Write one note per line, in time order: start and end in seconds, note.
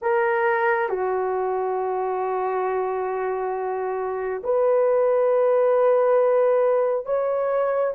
0.01 0.89 A#4
0.89 4.42 F#4
4.43 7.05 B4
7.05 7.94 C#5